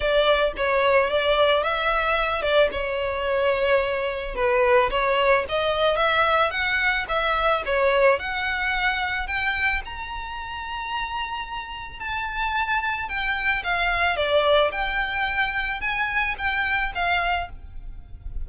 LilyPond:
\new Staff \with { instrumentName = "violin" } { \time 4/4 \tempo 4 = 110 d''4 cis''4 d''4 e''4~ | e''8 d''8 cis''2. | b'4 cis''4 dis''4 e''4 | fis''4 e''4 cis''4 fis''4~ |
fis''4 g''4 ais''2~ | ais''2 a''2 | g''4 f''4 d''4 g''4~ | g''4 gis''4 g''4 f''4 | }